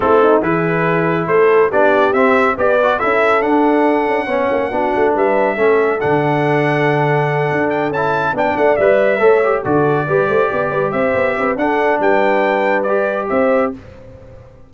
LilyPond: <<
  \new Staff \with { instrumentName = "trumpet" } { \time 4/4 \tempo 4 = 140 a'4 b'2 c''4 | d''4 e''4 d''4 e''4 | fis''1 | e''2 fis''2~ |
fis''2 g''8 a''4 g''8 | fis''8 e''2 d''4.~ | d''4. e''4. fis''4 | g''2 d''4 e''4 | }
  \new Staff \with { instrumentName = "horn" } { \time 4/4 e'8 dis'8 gis'2 a'4 | g'2 b'4 a'4~ | a'2 cis''4 fis'4 | b'4 a'2.~ |
a'2.~ a'8 d''8~ | d''4. cis''4 a'4 b'8 | c''8 d''8 b'8 c''4 b'8 a'4 | b'2. c''4 | }
  \new Staff \with { instrumentName = "trombone" } { \time 4/4 c'4 e'2. | d'4 c'4 g'8 fis'8 e'4 | d'2 cis'4 d'4~ | d'4 cis'4 d'2~ |
d'2~ d'8 e'4 d'8~ | d'8 b'4 a'8 g'8 fis'4 g'8~ | g'2. d'4~ | d'2 g'2 | }
  \new Staff \with { instrumentName = "tuba" } { \time 4/4 a4 e2 a4 | b4 c'4 b4 cis'4 | d'4. cis'8 b8 ais8 b8 a8 | g4 a4 d2~ |
d4. d'4 cis'4 b8 | a8 g4 a4 d4 g8 | a8 b8 g8 c'8 b8 c'8 d'4 | g2. c'4 | }
>>